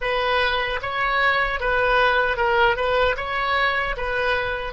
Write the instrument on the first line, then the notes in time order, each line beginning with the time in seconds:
oboe
0.01 B4
0.82 C#5
1.60 B4
2.36 A#4
2.76 B4
3.17 C#5
3.97 B4